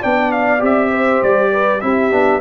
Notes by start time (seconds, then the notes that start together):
0.00 B3 D4 D5 G5
0.32 F5
0.59 C4 G4 E5
0.91 C5
1.23 G3 D5
1.52 B4
1.81 C4 E4 G4 E5
2.12 B3 D4